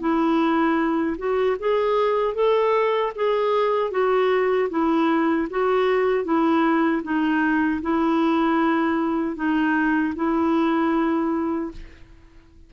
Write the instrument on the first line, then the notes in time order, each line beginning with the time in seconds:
clarinet
0.00 E4
1.18 F#4
1.60 G#4
2.35 A4
3.16 G#4
3.91 F#4
4.70 E4
5.51 F#4
6.25 E4
7.03 D#4
7.82 E4
9.36 D#4
10.16 E4